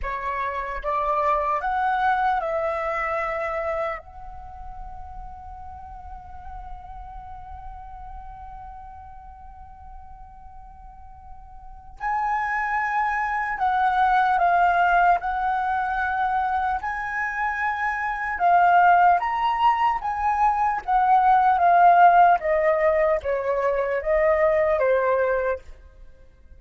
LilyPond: \new Staff \with { instrumentName = "flute" } { \time 4/4 \tempo 4 = 75 cis''4 d''4 fis''4 e''4~ | e''4 fis''2.~ | fis''1~ | fis''2. gis''4~ |
gis''4 fis''4 f''4 fis''4~ | fis''4 gis''2 f''4 | ais''4 gis''4 fis''4 f''4 | dis''4 cis''4 dis''4 c''4 | }